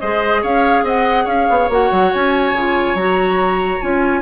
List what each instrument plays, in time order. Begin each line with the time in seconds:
0.00 bassoon G#3, clarinet G#4, oboe C5, flute D#5
0.41 bassoon C#4, oboe C#5, flute F5
0.83 bassoon C4, oboe D#5, flute F#5
1.24 bassoon C#4, oboe C#5, flute F5
1.49 bassoon B3
1.69 bassoon A#3, clarinet F#4, flute F#5
1.91 bassoon F#3
2.13 bassoon C#4, flute G#5
2.52 bassoon C#3, clarinet F4
2.94 bassoon F#3, clarinet F#4, flute A#5
3.80 bassoon C#4, clarinet F4, flute G#5